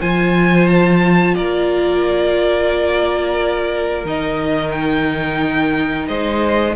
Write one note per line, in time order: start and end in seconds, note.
0.00 1.36 F3
0.00 4.05 F4
0.00 1.35 C5
0.00 0.67 G#5
0.67 1.34 A5
1.34 4.04 A#3
1.34 6.08 A#4
1.34 4.04 D5
4.04 6.07 D#3
4.04 6.75 D#4
4.04 4.71 D#5
4.71 6.06 G5
6.07 6.75 G#3
6.07 6.75 C5
6.07 6.75 D#5